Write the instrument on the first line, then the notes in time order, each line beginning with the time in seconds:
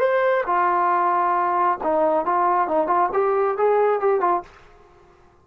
trombone
0.00 C5
0.46 F4
1.83 D#4
2.26 F4
2.68 D#4
2.87 F4
3.13 G4
3.58 G#4
4.00 G4
4.21 F4